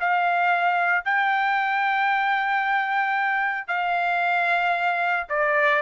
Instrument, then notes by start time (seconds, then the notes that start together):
trumpet
0.00 F5
1.05 G5
3.67 F5
5.29 D5